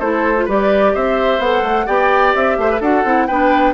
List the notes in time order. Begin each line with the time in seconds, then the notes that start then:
0.00 A3 E4 A4 C5
0.37 F4
0.45 G3 G4 B4 D5
0.95 C4 C5 E5
1.39 B3 A4 F#5
1.63 A3
1.87 B3 G4 D5 G5
2.35 C4 E5
2.58 A3 C5
2.71 B4
2.81 D4 F#4 A4 F#5
3.05 C4 E4
3.27 B3 D4 B4 G5